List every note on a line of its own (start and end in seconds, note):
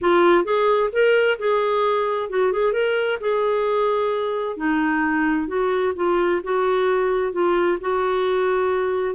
0.01 0.44 F4
0.44 0.90 G#4
0.92 1.38 A#4
1.38 2.29 G#4
2.29 2.52 F#4
2.52 2.73 G#4
2.73 3.18 A#4
3.20 4.56 G#4
4.56 5.47 D#4
5.47 5.93 F#4
5.95 6.41 F4
6.43 7.32 F#4
7.32 7.78 F4
7.80 9.15 F#4